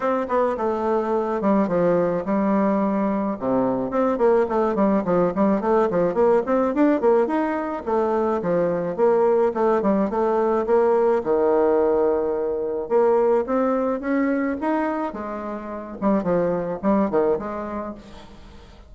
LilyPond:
\new Staff \with { instrumentName = "bassoon" } { \time 4/4 \tempo 4 = 107 c'8 b8 a4. g8 f4 | g2 c4 c'8 ais8 | a8 g8 f8 g8 a8 f8 ais8 c'8 | d'8 ais8 dis'4 a4 f4 |
ais4 a8 g8 a4 ais4 | dis2. ais4 | c'4 cis'4 dis'4 gis4~ | gis8 g8 f4 g8 dis8 gis4 | }